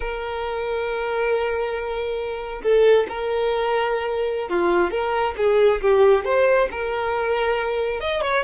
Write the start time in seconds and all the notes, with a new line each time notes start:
0.00 A#4
2.62 A4
3.08 A#4
4.49 F4
4.90 A#4
5.37 G#4
5.81 G4
6.24 C5
6.71 A#4
8.00 D#5
8.21 C#5